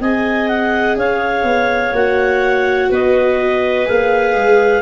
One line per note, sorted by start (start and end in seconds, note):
0.00 0.96 C4
0.00 1.94 G#4
0.00 0.98 D#5
0.00 0.48 G#5
0.48 0.96 F#5
0.96 1.43 C#4
0.96 2.90 C#5
0.96 1.95 F5
1.43 1.92 B3
1.92 2.89 A#3
1.92 3.85 F#4
1.92 2.92 F#5
2.90 3.88 B3
2.90 4.82 B4
2.90 3.88 D#5
3.85 4.34 A#3
3.85 4.82 G#4
3.85 4.82 F5
4.34 4.82 G#3